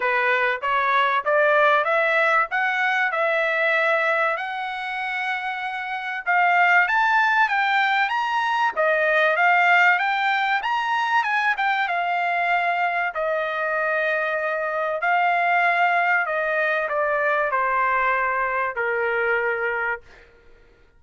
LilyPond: \new Staff \with { instrumentName = "trumpet" } { \time 4/4 \tempo 4 = 96 b'4 cis''4 d''4 e''4 | fis''4 e''2 fis''4~ | fis''2 f''4 a''4 | g''4 ais''4 dis''4 f''4 |
g''4 ais''4 gis''8 g''8 f''4~ | f''4 dis''2. | f''2 dis''4 d''4 | c''2 ais'2 | }